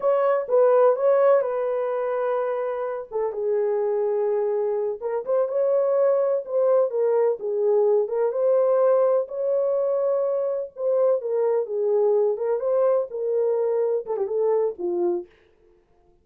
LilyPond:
\new Staff \with { instrumentName = "horn" } { \time 4/4 \tempo 4 = 126 cis''4 b'4 cis''4 b'4~ | b'2~ b'8 a'8 gis'4~ | gis'2~ gis'8 ais'8 c''8 cis''8~ | cis''4. c''4 ais'4 gis'8~ |
gis'4 ais'8 c''2 cis''8~ | cis''2~ cis''8 c''4 ais'8~ | ais'8 gis'4. ais'8 c''4 ais'8~ | ais'4. a'16 g'16 a'4 f'4 | }